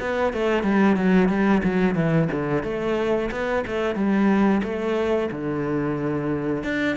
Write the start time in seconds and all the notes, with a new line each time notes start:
0.00 B3
0.33 A3
0.63 G3
0.96 F#3
1.28 G3
1.64 F#3
1.95 E3
2.32 D3
2.63 A3
3.31 B3
3.67 A3
3.95 G3
4.63 A3
5.31 D3
6.63 D4